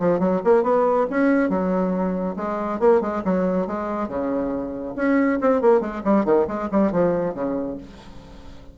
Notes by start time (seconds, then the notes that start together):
0.00 F3
0.20 F#3
0.45 A#3
0.64 B3
1.11 C#4
1.50 F#3
2.37 G#3
2.80 A#3
3.01 G#3
3.25 F#3
3.67 G#3
4.08 C#3
4.96 C#4
5.41 C4
5.62 A#3
5.81 G#3
6.05 G3
6.26 D#3
6.48 G#3
6.72 G3
6.92 F3
7.35 C#3